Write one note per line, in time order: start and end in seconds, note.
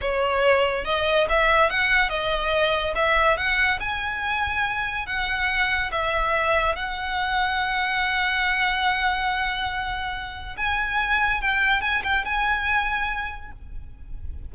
0.01 0.85 C#5
0.85 1.27 D#5
1.29 1.70 E5
1.70 2.09 F#5
2.09 2.93 D#5
2.95 3.37 E5
3.37 3.79 F#5
3.80 5.06 G#5
5.06 5.91 F#5
5.91 6.75 E5
6.75 10.55 F#5
10.56 11.41 G#5
11.41 11.81 G5
11.81 12.02 G#5
12.03 12.24 G5
12.25 13.51 G#5